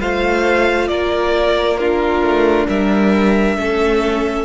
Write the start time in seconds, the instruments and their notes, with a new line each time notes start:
0.00 cello A3, viola F4, violin C5 F5
0.88 cello A#3, violin A#4 D5
1.78 viola D4, violin F4 A#4
2.22 cello A3
2.68 cello G3, violin A#4 E5
3.57 cello A3, viola C#4, violin A4